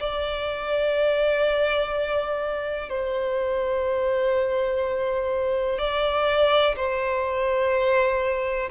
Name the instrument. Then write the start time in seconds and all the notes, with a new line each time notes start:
violin
0.00 D5
2.89 C5
5.79 D5
6.77 C5